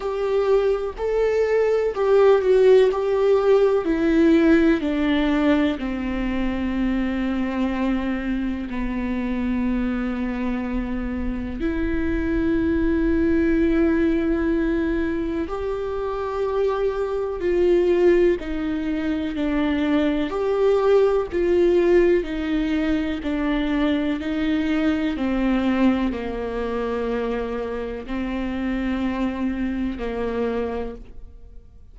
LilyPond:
\new Staff \with { instrumentName = "viola" } { \time 4/4 \tempo 4 = 62 g'4 a'4 g'8 fis'8 g'4 | e'4 d'4 c'2~ | c'4 b2. | e'1 |
g'2 f'4 dis'4 | d'4 g'4 f'4 dis'4 | d'4 dis'4 c'4 ais4~ | ais4 c'2 ais4 | }